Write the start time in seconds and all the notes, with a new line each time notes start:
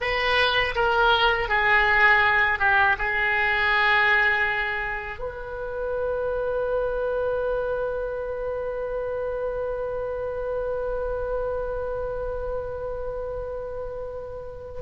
0.00 B4
0.75 A#4
1.48 G#4
2.59 G4
2.98 G#4
5.18 B4